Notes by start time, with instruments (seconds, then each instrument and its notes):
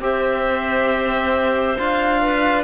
0.00 cello C4, trombone G4, clarinet C5, violin E5
1.78 cello D4, trombone F4, violin F5
2.21 clarinet B4